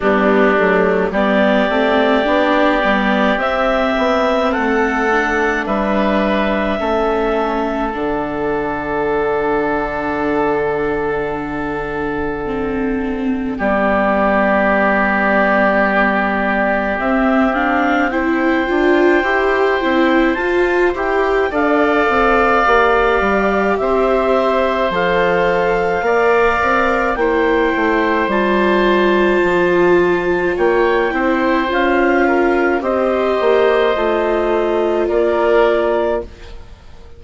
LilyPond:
<<
  \new Staff \with { instrumentName = "clarinet" } { \time 4/4 \tempo 4 = 53 g'4 d''2 e''4 | fis''4 e''2 fis''4~ | fis''1 | d''2. e''8 f''8 |
g''2 a''8 g''8 f''4~ | f''4 e''4 f''2 | g''4 a''2 g''4 | f''4 dis''2 d''4 | }
  \new Staff \with { instrumentName = "oboe" } { \time 4/4 d'4 g'2. | a'4 b'4 a'2~ | a'1 | g'1 |
c''2. d''4~ | d''4 c''2 d''4 | c''2. cis''8 c''8~ | c''8 ais'8 c''2 ais'4 | }
  \new Staff \with { instrumentName = "viola" } { \time 4/4 b8 a8 b8 c'8 d'8 b8 c'4~ | c'8 d'4. cis'4 d'4~ | d'2. c'4 | b2. c'8 d'8 |
e'8 f'8 g'8 e'8 f'8 g'8 a'4 | g'2 a'4 ais'4 | e'4 f'2~ f'8 e'8 | f'4 g'4 f'2 | }
  \new Staff \with { instrumentName = "bassoon" } { \time 4/4 g8 fis8 g8 a8 b8 g8 c'8 b8 | a4 g4 a4 d4~ | d1 | g2. c'4~ |
c'8 d'8 e'8 c'8 f'8 e'8 d'8 c'8 | ais8 g8 c'4 f4 ais8 c'8 | ais8 a8 g4 f4 ais8 c'8 | cis'4 c'8 ais8 a4 ais4 | }
>>